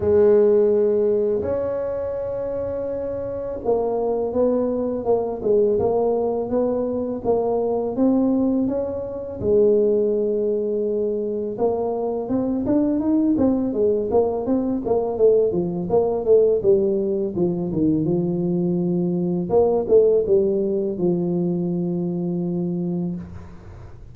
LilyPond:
\new Staff \with { instrumentName = "tuba" } { \time 4/4 \tempo 4 = 83 gis2 cis'2~ | cis'4 ais4 b4 ais8 gis8 | ais4 b4 ais4 c'4 | cis'4 gis2. |
ais4 c'8 d'8 dis'8 c'8 gis8 ais8 | c'8 ais8 a8 f8 ais8 a8 g4 | f8 dis8 f2 ais8 a8 | g4 f2. | }